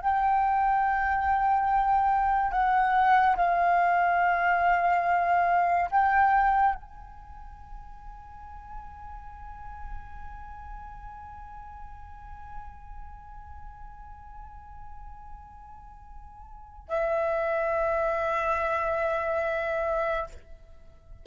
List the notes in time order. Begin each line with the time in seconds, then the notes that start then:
0.00 G5
2.51 F#5
3.36 F5
5.90 G5
6.75 G#5
16.88 E5